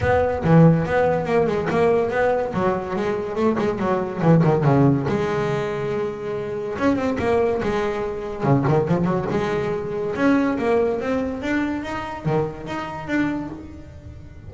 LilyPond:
\new Staff \with { instrumentName = "double bass" } { \time 4/4 \tempo 4 = 142 b4 e4 b4 ais8 gis8 | ais4 b4 fis4 gis4 | a8 gis8 fis4 e8 dis8 cis4 | gis1 |
cis'8 c'8 ais4 gis2 | cis8 dis8 f8 fis8 gis2 | cis'4 ais4 c'4 d'4 | dis'4 dis4 dis'4 d'4 | }